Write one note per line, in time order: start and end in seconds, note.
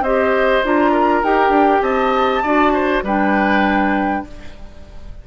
0.00 0.60 C4
0.00 0.63 G4
0.00 0.91 C5
0.00 0.63 D#5
0.63 1.23 D4
0.63 1.23 F4
0.63 1.24 A#5
0.91 1.81 A#4
1.23 1.49 D#4
1.23 2.43 G4
1.23 1.82 G5
1.49 1.79 D4
1.81 2.42 C4
1.81 2.42 D#5
1.81 3.02 A5
2.43 3.03 D4
2.43 3.04 F#4
2.43 2.73 D5
2.73 3.03 C5
3.03 4.23 G3
3.03 4.27 D4
3.03 4.24 B4
3.03 4.26 G5